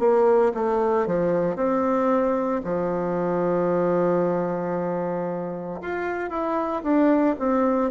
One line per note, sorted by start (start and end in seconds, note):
0.00 0.53 A#3
0.55 1.07 A3
1.07 1.56 F3
1.56 2.61 C4
2.65 5.80 F3
5.82 6.30 F4
6.30 6.83 E4
6.83 7.36 D4
7.39 7.91 C4